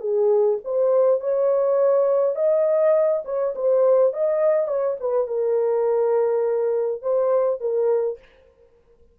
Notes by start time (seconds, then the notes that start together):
0.00 G#4
0.65 C5
1.20 C#5
2.35 D#5
3.25 C#5
3.55 C5
4.13 D#5
4.67 C#5
5.00 B4
5.27 A#4
7.02 C5
7.60 A#4